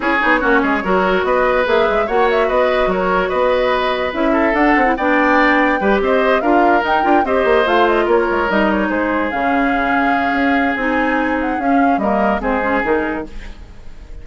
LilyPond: <<
  \new Staff \with { instrumentName = "flute" } { \time 4/4 \tempo 4 = 145 cis''2. dis''4 | e''4 fis''8 e''8 dis''4 cis''4 | dis''2 e''4 fis''4 | g''2~ g''8 dis''4 f''8~ |
f''8 g''4 dis''4 f''8 dis''8 cis''8~ | cis''8 dis''8 cis''8 c''4 f''4.~ | f''2 gis''4. fis''8 | f''4 dis''4 c''4 ais'4 | }
  \new Staff \with { instrumentName = "oboe" } { \time 4/4 gis'4 fis'8 gis'8 ais'4 b'4~ | b'4 cis''4 b'4 ais'4 | b'2~ b'8 a'4. | d''2 b'8 c''4 ais'8~ |
ais'4. c''2 ais'8~ | ais'4. gis'2~ gis'8~ | gis'1~ | gis'4 ais'4 gis'2 | }
  \new Staff \with { instrumentName = "clarinet" } { \time 4/4 e'8 dis'8 cis'4 fis'2 | gis'4 fis'2.~ | fis'2 e'4 d'8. e'16 | d'2 g'4. f'8~ |
f'8 dis'8 f'8 g'4 f'4.~ | f'8 dis'2 cis'4.~ | cis'2 dis'2 | cis'4 ais4 c'8 cis'8 dis'4 | }
  \new Staff \with { instrumentName = "bassoon" } { \time 4/4 cis'8 b8 ais8 gis8 fis4 b4 | ais8 gis8 ais4 b4 fis4 | b2 cis'4 d'8 c'8 | b2 g8 c'4 d'8~ |
d'8 dis'8 d'8 c'8 ais8 a4 ais8 | gis8 g4 gis4 cis4.~ | cis4 cis'4 c'2 | cis'4 g4 gis4 dis4 | }
>>